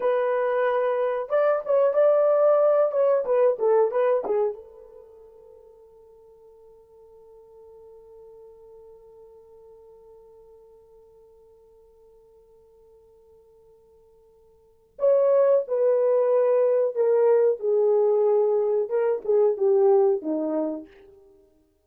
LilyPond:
\new Staff \with { instrumentName = "horn" } { \time 4/4 \tempo 4 = 92 b'2 d''8 cis''8 d''4~ | d''8 cis''8 b'8 a'8 b'8 gis'8 a'4~ | a'1~ | a'1~ |
a'1~ | a'2. cis''4 | b'2 ais'4 gis'4~ | gis'4 ais'8 gis'8 g'4 dis'4 | }